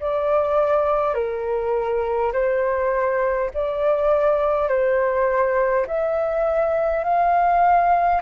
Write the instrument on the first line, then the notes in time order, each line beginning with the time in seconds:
flute
0.00 D5
1.14 A#4
2.33 C5
3.54 D5
4.68 C5
5.87 E5
7.04 F5